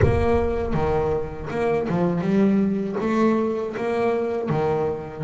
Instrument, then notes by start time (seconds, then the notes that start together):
double bass
0.02 A#3
0.73 D#3
1.50 A#3
1.89 F3
2.21 G3
3.00 A3
3.77 A#3
4.49 D#3